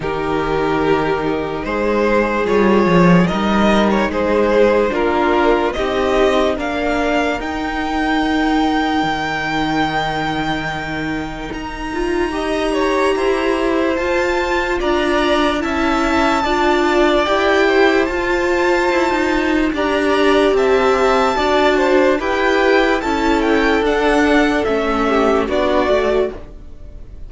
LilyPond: <<
  \new Staff \with { instrumentName = "violin" } { \time 4/4 \tempo 4 = 73 ais'2 c''4 cis''4 | dis''8. cis''16 c''4 ais'4 dis''4 | f''4 g''2.~ | g''2 ais''2~ |
ais''4 a''4 ais''4 a''4~ | a''4 g''4 a''2 | ais''4 a''2 g''4 | a''8 g''8 fis''4 e''4 d''4 | }
  \new Staff \with { instrumentName = "violin" } { \time 4/4 g'2 gis'2 | ais'4 gis'4 f'4 g'4 | ais'1~ | ais'2. dis''8 cis''8 |
c''2 d''4 e''4 | d''4. c''2~ c''8 | d''4 e''4 d''8 c''8 b'4 | a'2~ a'8 g'8 fis'4 | }
  \new Staff \with { instrumentName = "viola" } { \time 4/4 dis'2. f'4 | dis'2 d'4 dis'4 | d'4 dis'2.~ | dis'2~ dis'8 f'8 g'4~ |
g'4 f'2 e'4 | f'4 g'4 f'2 | g'2 fis'4 g'4 | e'4 d'4 cis'4 d'8 fis'8 | }
  \new Staff \with { instrumentName = "cello" } { \time 4/4 dis2 gis4 g8 f8 | g4 gis4 ais4 c'4 | ais4 dis'2 dis4~ | dis2 dis'2 |
e'4 f'4 d'4 cis'4 | d'4 e'4 f'4 e'16 dis'8. | d'4 c'4 d'4 e'4 | cis'4 d'4 a4 b8 a8 | }
>>